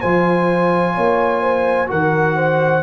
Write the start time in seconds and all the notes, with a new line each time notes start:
0.00 F3 F4 C5 G#5
0.95 A#3 C#5
1.41 C5
1.87 D#3 F#4 A#4 F#5
2.37 C5